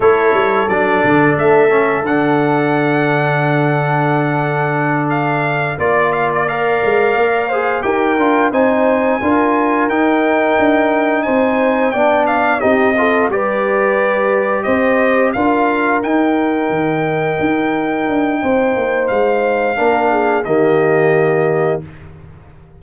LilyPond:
<<
  \new Staff \with { instrumentName = "trumpet" } { \time 4/4 \tempo 4 = 88 cis''4 d''4 e''4 fis''4~ | fis''2.~ fis''8 f''8~ | f''8 d''8 f''16 d''16 f''2 g''8~ | g''8 gis''2 g''4.~ |
g''8 gis''4 g''8 f''8 dis''4 d''8~ | d''4. dis''4 f''4 g''8~ | g''1 | f''2 dis''2 | }
  \new Staff \with { instrumentName = "horn" } { \time 4/4 a'1~ | a'1~ | a'8 d''2~ d''8 c''8 ais'8~ | ais'8 c''4 ais'2~ ais'8~ |
ais'8 c''4 d''4 g'8 a'8 b'8~ | b'4. c''4 ais'4.~ | ais'2. c''4~ | c''4 ais'8 gis'8 g'2 | }
  \new Staff \with { instrumentName = "trombone" } { \time 4/4 e'4 d'4. cis'8 d'4~ | d'1~ | d'8 f'4 ais'4. gis'8 g'8 | f'8 dis'4 f'4 dis'4.~ |
dis'4. d'4 dis'8 f'8 g'8~ | g'2~ g'8 f'4 dis'8~ | dis'1~ | dis'4 d'4 ais2 | }
  \new Staff \with { instrumentName = "tuba" } { \time 4/4 a8 g8 fis8 d8 a4 d4~ | d1~ | d8 ais4. gis8 ais4 dis'8 | d'8 c'4 d'4 dis'4 d'8~ |
d'8 c'4 b4 c'4 g8~ | g4. c'4 d'4 dis'8~ | dis'8 dis4 dis'4 d'8 c'8 ais8 | gis4 ais4 dis2 | }
>>